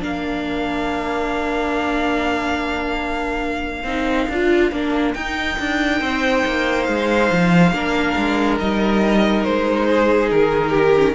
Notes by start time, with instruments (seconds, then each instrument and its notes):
0.00 cello A#3, viola D4, violin A#4 F5
3.84 cello C4, viola D#4
4.29 cello D4, viola F4
4.72 cello A#3, viola D4
5.14 cello D#4, viola D#4, violin G5
5.60 cello D4
6.01 cello C4, violin C5
6.46 cello A#3
6.84 cello G#3, violin F5
7.32 cello F3
7.73 cello A#3, viola D4, violin A#4
8.17 cello G#3
8.60 cello G3, viola D#4, violin D#5
9.44 cello G#3, violin C5
9.90 violin G#4
10.31 cello D#3, violin A#4
10.70 violin G4
10.98 viola C#4